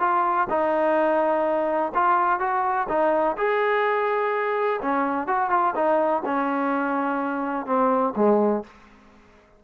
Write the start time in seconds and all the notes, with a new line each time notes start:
0.00 F4
0.50 D#4
1.95 F4
2.40 F#4
2.89 D#4
3.38 G#4
4.82 C#4
5.27 F#4
5.50 F4
5.76 D#4
6.25 C#4
7.66 C4
8.16 G#3